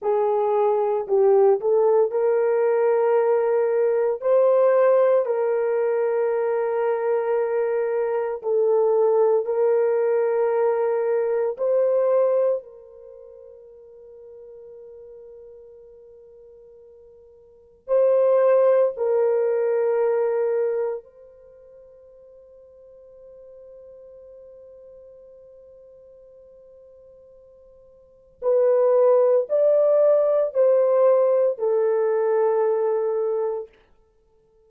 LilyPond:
\new Staff \with { instrumentName = "horn" } { \time 4/4 \tempo 4 = 57 gis'4 g'8 a'8 ais'2 | c''4 ais'2. | a'4 ais'2 c''4 | ais'1~ |
ais'4 c''4 ais'2 | c''1~ | c''2. b'4 | d''4 c''4 a'2 | }